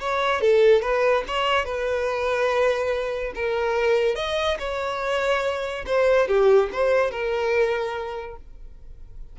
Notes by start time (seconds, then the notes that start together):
0.00 C#5
0.41 A4
0.82 B4
1.27 C#5
1.65 B4
3.35 A#4
4.16 D#5
4.59 C#5
5.86 C5
6.28 G4
6.72 C5
7.11 A#4